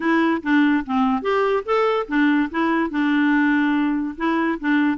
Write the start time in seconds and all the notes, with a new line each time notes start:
0.00 E4
0.42 D4
0.85 C4
1.22 G4
1.65 A4
2.08 D4
2.51 E4
2.90 D4
4.17 E4
4.60 D4